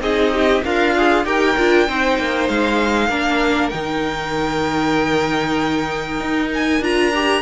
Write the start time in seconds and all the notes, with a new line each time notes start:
0.00 C4 D#4 G#4 D#5
0.33 G4
0.64 D4 F4 A#4 F5
0.97 G#4
1.25 D#4 G4 A#4 G5
1.58 D4 F4
1.87 C4 D#4 C5
2.19 A#3
2.49 G#3 F5
3.09 A#3 D4 A#4
3.69 D#3 D#4 G5
6.20 D#4
6.54 G#5
6.80 D4 F4 A#5
7.14 G4